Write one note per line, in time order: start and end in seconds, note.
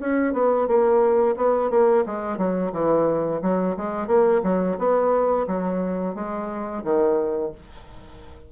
0.00 0.33 C#4
0.33 0.67 B3
0.67 1.35 A#3
1.36 1.70 B3
1.70 2.04 A#3
2.06 2.37 G#3
2.37 2.71 F#3
2.72 3.41 E3
3.42 3.76 F#3
3.77 4.07 G#3
4.07 4.41 A#3
4.43 4.77 F#3
4.78 5.46 B3
5.47 6.15 F#3
6.15 6.83 G#3
6.83 7.52 D#3